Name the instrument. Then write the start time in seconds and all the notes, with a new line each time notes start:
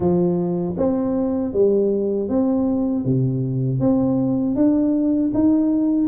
tuba
0.00 F3
0.77 C4
1.53 G3
2.29 C4
3.04 C3
3.80 C4
4.55 D4
5.34 D#4